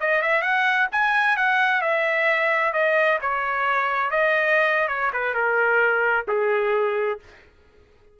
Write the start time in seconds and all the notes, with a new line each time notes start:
0.00 D#5
0.21 E5
0.41 F#5
0.91 G#5
1.36 F#5
1.81 E5
2.73 D#5
3.21 C#5
4.10 D#5
4.88 C#5
5.13 B4
5.34 A#4
6.27 G#4